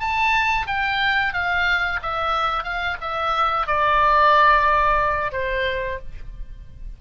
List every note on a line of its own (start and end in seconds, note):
0.00 0.67 A5
0.67 1.33 G5
1.33 2.00 F5
2.03 2.64 E5
2.64 2.97 F5
3.01 3.67 E5
3.67 5.32 D5
5.32 5.99 C5